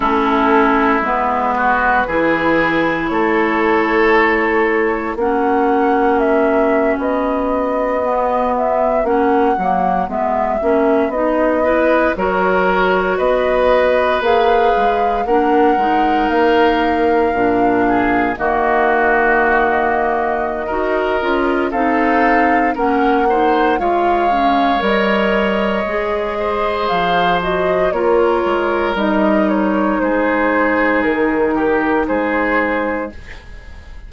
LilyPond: <<
  \new Staff \with { instrumentName = "flute" } { \time 4/4 \tempo 4 = 58 a'4 b'2 cis''4~ | cis''4 fis''4 e''8. dis''4~ dis''16~ | dis''16 e''8 fis''4 e''4 dis''4 cis''16~ | cis''8. dis''4 f''4 fis''4 f''16~ |
f''4.~ f''16 dis''2~ dis''16~ | dis''4 f''4 fis''4 f''4 | dis''2 f''8 dis''8 cis''4 | dis''8 cis''8 c''4 ais'4 c''4 | }
  \new Staff \with { instrumentName = "oboe" } { \time 4/4 e'4. fis'8 gis'4 a'4~ | a'4 fis'2.~ | fis'2.~ fis'16 b'8 ais'16~ | ais'8. b'2 ais'4~ ais'16~ |
ais'4~ ais'16 gis'8 fis'2~ fis'16 | ais'4 a'4 ais'8 c''8 cis''4~ | cis''4. c''4. ais'4~ | ais'4 gis'4. g'8 gis'4 | }
  \new Staff \with { instrumentName = "clarinet" } { \time 4/4 cis'4 b4 e'2~ | e'4 cis'2~ cis'8. b16~ | b8. cis'8 ais8 b8 cis'8 dis'8 e'8 fis'16~ | fis'4.~ fis'16 gis'4 d'8 dis'8.~ |
dis'8. d'4 ais2~ ais16 | fis'8 f'8 dis'4 cis'8 dis'8 f'8 cis'8 | ais'4 gis'4. fis'8 f'4 | dis'1 | }
  \new Staff \with { instrumentName = "bassoon" } { \time 4/4 a4 gis4 e4 a4~ | a4 ais4.~ ais16 b4~ b16~ | b8. ais8 fis8 gis8 ais8 b4 fis16~ | fis8. b4 ais8 gis8 ais8 gis8 ais16~ |
ais8. ais,4 dis2~ dis16 | dis'8 cis'8 c'4 ais4 gis4 | g4 gis4 f4 ais8 gis8 | g4 gis4 dis4 gis4 | }
>>